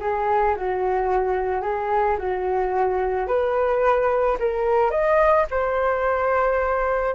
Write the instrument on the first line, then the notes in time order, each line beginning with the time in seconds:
flute
0.00 G#4
0.56 F#4
1.61 G#4
2.18 F#4
3.27 B4
4.39 A#4
4.90 D#5
5.50 C5